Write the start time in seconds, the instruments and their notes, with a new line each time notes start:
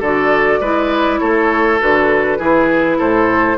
0.00 bassoon D3, clarinet F#4, oboe A4, flute D5
0.61 bassoon G#3, clarinet E4, oboe B4
1.20 bassoon A3, oboe A4, flute C#5
1.80 bassoon D3, clarinet F#4, flute B4
2.38 bassoon E3, clarinet E4, oboe G#4
2.98 bassoon A2, oboe A4, flute C5